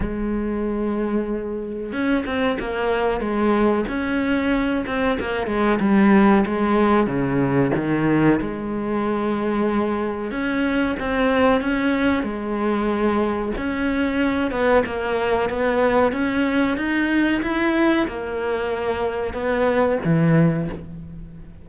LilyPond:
\new Staff \with { instrumentName = "cello" } { \time 4/4 \tempo 4 = 93 gis2. cis'8 c'8 | ais4 gis4 cis'4. c'8 | ais8 gis8 g4 gis4 cis4 | dis4 gis2. |
cis'4 c'4 cis'4 gis4~ | gis4 cis'4. b8 ais4 | b4 cis'4 dis'4 e'4 | ais2 b4 e4 | }